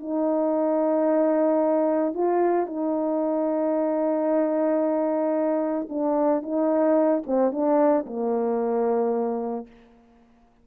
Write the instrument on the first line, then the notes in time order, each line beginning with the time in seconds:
horn
0.00 D#4
2.14 F4
2.66 D#4
5.89 D4
6.42 D#4
7.26 C4
7.52 D4
8.06 A#3